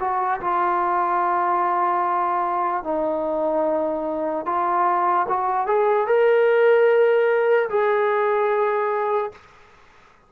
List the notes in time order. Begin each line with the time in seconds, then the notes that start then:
0.00 F#4
0.41 F4
2.84 D#4
4.46 F4
5.29 F#4
5.67 G#4
6.07 A#4
7.70 G#4